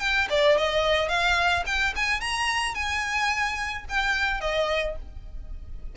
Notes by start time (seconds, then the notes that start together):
0.00 G5
0.30 D5
0.58 D#5
1.09 F5
1.66 G5
1.96 G#5
2.20 A#5
2.75 G#5
3.89 G5
4.41 D#5